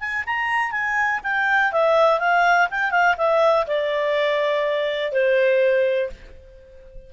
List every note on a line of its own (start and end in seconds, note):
0.00 0.24 G#5
0.27 0.72 A#5
0.72 1.21 G#5
1.24 1.73 G5
1.73 2.20 E5
2.20 2.69 F5
2.71 2.91 G5
2.91 3.16 F5
3.18 3.66 E5
3.67 5.13 D5
5.13 6.10 C5